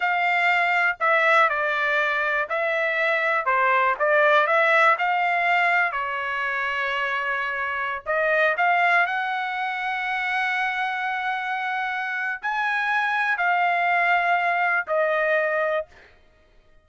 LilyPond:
\new Staff \with { instrumentName = "trumpet" } { \time 4/4 \tempo 4 = 121 f''2 e''4 d''4~ | d''4 e''2 c''4 | d''4 e''4 f''2 | cis''1~ |
cis''16 dis''4 f''4 fis''4.~ fis''16~ | fis''1~ | fis''4 gis''2 f''4~ | f''2 dis''2 | }